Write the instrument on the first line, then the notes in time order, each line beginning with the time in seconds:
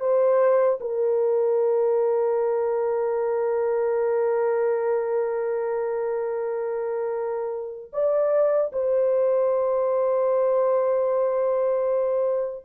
horn
0.00 C5
0.80 A#4
7.93 D5
8.72 C5